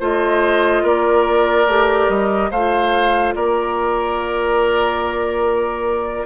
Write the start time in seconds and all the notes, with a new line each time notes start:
0.00 A3 F4 C5 D#5
0.84 A#3 A#4 D5
1.67 A3 G4
2.09 G3 D#5
2.51 A3 F4 C5 F5
3.35 A#3 A#4 D5